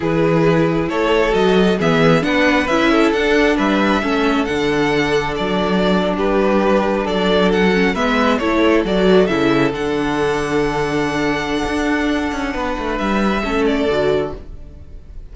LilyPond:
<<
  \new Staff \with { instrumentName = "violin" } { \time 4/4 \tempo 4 = 134 b'2 cis''4 dis''4 | e''4 fis''4 e''4 fis''4 | e''2 fis''2 | d''4.~ d''16 b'2 d''16~ |
d''8. fis''4 e''4 cis''4 d''16~ | d''8. e''4 fis''2~ fis''16~ | fis''1~ | fis''4 e''4. d''4. | }
  \new Staff \with { instrumentName = "violin" } { \time 4/4 gis'2 a'2 | gis'4 b'4. a'4. | b'4 a'2.~ | a'4.~ a'16 g'2 a'16~ |
a'4.~ a'16 b'4 a'4~ a'16~ | a'1~ | a'1 | b'2 a'2 | }
  \new Staff \with { instrumentName = "viola" } { \time 4/4 e'2. fis'4 | b4 d'4 e'4 d'4~ | d'4 cis'4 d'2~ | d'1~ |
d'4~ d'16 cis'8 b4 e'4 fis'16~ | fis'8. e'4 d'2~ d'16~ | d'1~ | d'2 cis'4 fis'4 | }
  \new Staff \with { instrumentName = "cello" } { \time 4/4 e2 a4 fis4 | e4 b4 cis'4 d'4 | g4 a4 d2 | fis4.~ fis16 g2 fis16~ |
fis4.~ fis16 gis4 a4 fis16~ | fis8. cis4 d2~ d16~ | d2 d'4. cis'8 | b8 a8 g4 a4 d4 | }
>>